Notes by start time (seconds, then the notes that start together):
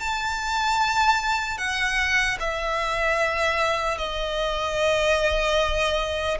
0.00 A5
1.58 F#5
2.40 E5
3.98 D#5